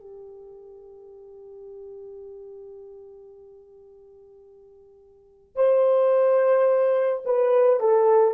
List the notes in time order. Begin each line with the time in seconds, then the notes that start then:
0.00 G4
5.56 C5
7.25 B4
7.80 A4